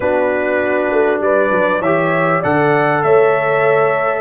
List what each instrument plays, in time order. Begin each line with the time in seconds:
0.00 tuba B3, trombone D4, horn F#4, trumpet B4
0.91 tuba A3
1.20 tuba G3, horn B4, trumpet D5
1.51 tuba F#3
1.80 tuba E3, trombone G4, horn C#5, trumpet E5
2.40 tuba D3, trombone A4, horn D5, trumpet F#5
3.03 tuba A3, horn C#5, trumpet E5